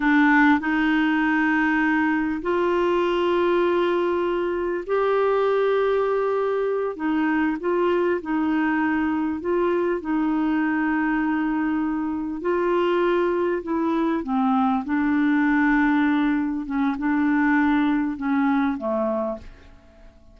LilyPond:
\new Staff \with { instrumentName = "clarinet" } { \time 4/4 \tempo 4 = 99 d'4 dis'2. | f'1 | g'2.~ g'8 dis'8~ | dis'8 f'4 dis'2 f'8~ |
f'8 dis'2.~ dis'8~ | dis'8 f'2 e'4 c'8~ | c'8 d'2. cis'8 | d'2 cis'4 a4 | }